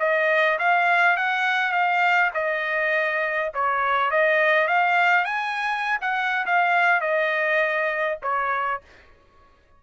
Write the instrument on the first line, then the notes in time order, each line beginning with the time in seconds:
trumpet
0.00 D#5
0.59 F5
1.17 F#5
1.72 F5
2.34 D#5
3.54 C#5
4.11 D#5
4.68 F5
5.25 G#5
6.02 F#5
6.46 F5
7.01 D#5
8.23 C#5